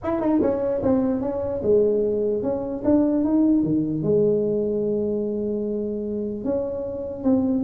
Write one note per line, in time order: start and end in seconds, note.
0.03 0.20 E4
0.20 0.40 D#4
0.41 0.81 C#4
0.82 1.21 C4
1.21 1.61 C#4
1.62 2.43 G#3
2.43 2.83 C#4
2.84 3.24 D4
3.24 3.63 D#4
3.63 4.02 D#3
4.02 6.44 G#3
6.44 7.23 C#4
7.23 7.63 C4